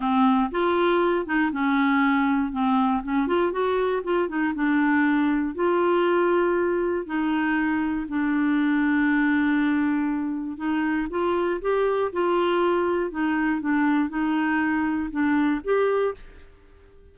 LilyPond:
\new Staff \with { instrumentName = "clarinet" } { \time 4/4 \tempo 4 = 119 c'4 f'4. dis'8 cis'4~ | cis'4 c'4 cis'8 f'8 fis'4 | f'8 dis'8 d'2 f'4~ | f'2 dis'2 |
d'1~ | d'4 dis'4 f'4 g'4 | f'2 dis'4 d'4 | dis'2 d'4 g'4 | }